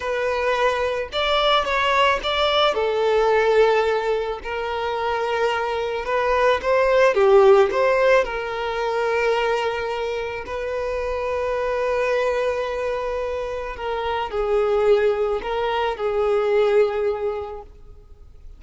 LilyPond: \new Staff \with { instrumentName = "violin" } { \time 4/4 \tempo 4 = 109 b'2 d''4 cis''4 | d''4 a'2. | ais'2. b'4 | c''4 g'4 c''4 ais'4~ |
ais'2. b'4~ | b'1~ | b'4 ais'4 gis'2 | ais'4 gis'2. | }